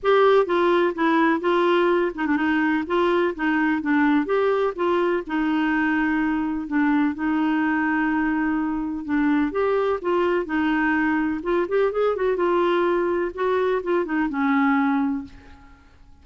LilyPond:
\new Staff \with { instrumentName = "clarinet" } { \time 4/4 \tempo 4 = 126 g'4 f'4 e'4 f'4~ | f'8 dis'16 d'16 dis'4 f'4 dis'4 | d'4 g'4 f'4 dis'4~ | dis'2 d'4 dis'4~ |
dis'2. d'4 | g'4 f'4 dis'2 | f'8 g'8 gis'8 fis'8 f'2 | fis'4 f'8 dis'8 cis'2 | }